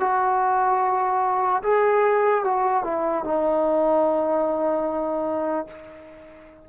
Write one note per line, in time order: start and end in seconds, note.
0.00 1.62 F#4
1.63 2.44 G#4
2.44 2.84 F#4
2.84 3.24 E4
3.24 5.68 D#4